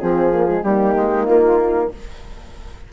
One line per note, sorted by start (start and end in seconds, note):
0.00 0.64 F3
0.00 0.32 C4
0.00 0.64 F4
0.00 0.63 G#4
0.32 0.48 A#3
0.48 0.64 G#3
0.63 0.95 G3
0.63 1.93 A#3
0.63 1.93 D#4
0.63 1.26 G4
0.96 1.28 G#3
1.26 1.92 A#3
1.26 1.89 F4